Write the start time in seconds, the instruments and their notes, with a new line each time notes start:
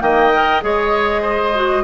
0.00 bassoon D#3, clarinet A#3, oboe D#5, flute G5
0.34 clarinet A#4
0.61 bassoon G#3, clarinet G#4, oboe C#5, flute D#5
1.21 oboe C5
1.54 clarinet F#4